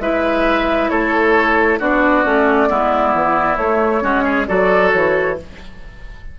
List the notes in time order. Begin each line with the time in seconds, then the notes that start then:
0.00 G#3 E4 B4 E5
0.90 A3 A4 C#5
1.80 B3 D4 F#4 D5
2.24 A3 C#4
2.68 G#3 B3 E4
3.14 E3
3.57 A3 C#5
4.02 G#3 C#4 F#4
4.24 G#4
4.48 F#3 F#4 A4 D5
4.93 E3 C#5